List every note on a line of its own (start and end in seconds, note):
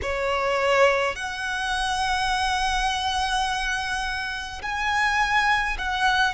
0.02 1.15 C#5
1.15 4.62 F#5
4.62 5.77 G#5
5.77 6.34 F#5